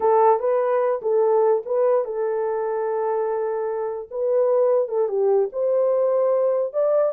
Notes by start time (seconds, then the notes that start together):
0.00 A4
0.39 B4
1.02 A4
1.65 B4
2.04 A4
4.10 B4
4.88 A4
5.08 G4
5.52 C5
6.73 D5